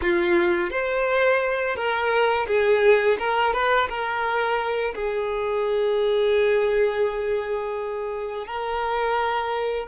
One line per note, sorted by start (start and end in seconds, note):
0.01 0.70 F4
0.70 1.76 C5
1.76 2.46 A#4
2.47 3.17 G#4
3.18 3.53 A#4
3.53 3.88 B4
3.88 4.94 A#4
4.94 8.46 G#4
8.46 9.87 A#4